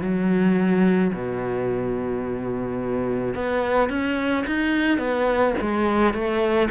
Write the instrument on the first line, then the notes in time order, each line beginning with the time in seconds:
cello
0.00 F#3
1.13 B2
3.34 B3
3.89 C#4
4.46 D#4
4.98 B3
5.61 G#3
6.14 A3